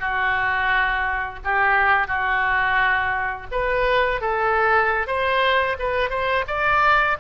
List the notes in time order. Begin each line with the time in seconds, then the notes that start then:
0.00 F#4
1.44 G4
2.08 F#4
3.52 B4
4.21 A4
5.07 C5
5.79 B4
6.10 C5
6.48 D5